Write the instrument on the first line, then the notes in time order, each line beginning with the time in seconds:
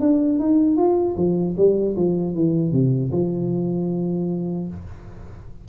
tuba
0.00 D4
0.39 D#4
0.77 F4
1.17 F3
1.57 G3
1.97 F3
2.34 E3
2.72 C3
3.12 F3